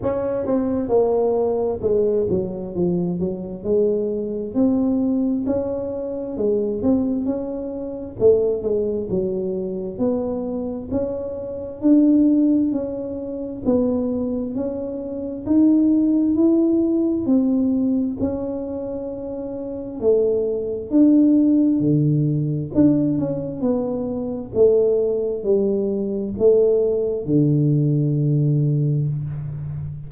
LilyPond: \new Staff \with { instrumentName = "tuba" } { \time 4/4 \tempo 4 = 66 cis'8 c'8 ais4 gis8 fis8 f8 fis8 | gis4 c'4 cis'4 gis8 c'8 | cis'4 a8 gis8 fis4 b4 | cis'4 d'4 cis'4 b4 |
cis'4 dis'4 e'4 c'4 | cis'2 a4 d'4 | d4 d'8 cis'8 b4 a4 | g4 a4 d2 | }